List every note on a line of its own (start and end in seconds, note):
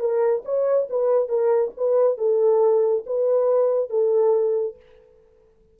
0.00 0.43 A#4
0.45 0.88 C#5
0.90 1.29 B4
1.29 1.72 A#4
1.77 2.18 B4
2.18 3.05 A4
3.06 3.90 B4
3.90 4.76 A4